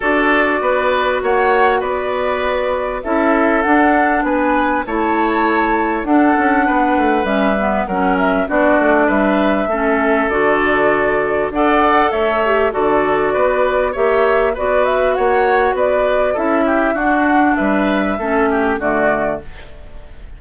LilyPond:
<<
  \new Staff \with { instrumentName = "flute" } { \time 4/4 \tempo 4 = 99 d''2 fis''4 d''4~ | d''4 e''4 fis''4 gis''4 | a''2 fis''2 | e''4 fis''8 e''8 d''4 e''4~ |
e''4 d''2 fis''4 | e''4 d''2 e''4 | d''8 e''8 fis''4 d''4 e''4 | fis''4 e''2 d''4 | }
  \new Staff \with { instrumentName = "oboe" } { \time 4/4 a'4 b'4 cis''4 b'4~ | b'4 a'2 b'4 | cis''2 a'4 b'4~ | b'4 ais'4 fis'4 b'4 |
a'2. d''4 | cis''4 a'4 b'4 cis''4 | b'4 cis''4 b'4 a'8 g'8 | fis'4 b'4 a'8 g'8 fis'4 | }
  \new Staff \with { instrumentName = "clarinet" } { \time 4/4 fis'1~ | fis'4 e'4 d'2 | e'2 d'2 | cis'8 b8 cis'4 d'2 |
cis'4 fis'2 a'4~ | a'8 g'8 fis'2 g'4 | fis'2. e'4 | d'2 cis'4 a4 | }
  \new Staff \with { instrumentName = "bassoon" } { \time 4/4 d'4 b4 ais4 b4~ | b4 cis'4 d'4 b4 | a2 d'8 cis'8 b8 a8 | g4 fis4 b8 a8 g4 |
a4 d2 d'4 | a4 d4 b4 ais4 | b4 ais4 b4 cis'4 | d'4 g4 a4 d4 | }
>>